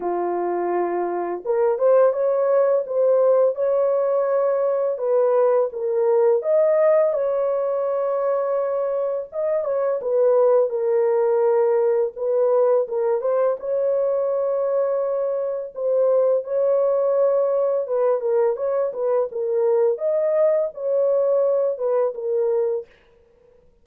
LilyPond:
\new Staff \with { instrumentName = "horn" } { \time 4/4 \tempo 4 = 84 f'2 ais'8 c''8 cis''4 | c''4 cis''2 b'4 | ais'4 dis''4 cis''2~ | cis''4 dis''8 cis''8 b'4 ais'4~ |
ais'4 b'4 ais'8 c''8 cis''4~ | cis''2 c''4 cis''4~ | cis''4 b'8 ais'8 cis''8 b'8 ais'4 | dis''4 cis''4. b'8 ais'4 | }